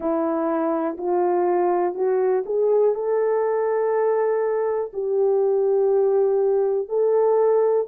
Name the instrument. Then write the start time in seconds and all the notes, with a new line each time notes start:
horn
0.00 E4
0.97 F4
1.94 F#4
2.45 G#4
2.95 A4
4.93 G4
6.88 A4